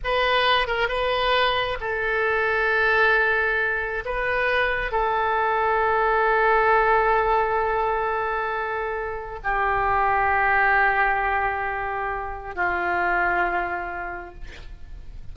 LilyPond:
\new Staff \with { instrumentName = "oboe" } { \time 4/4 \tempo 4 = 134 b'4. ais'8 b'2 | a'1~ | a'4 b'2 a'4~ | a'1~ |
a'1~ | a'4 g'2.~ | g'1 | f'1 | }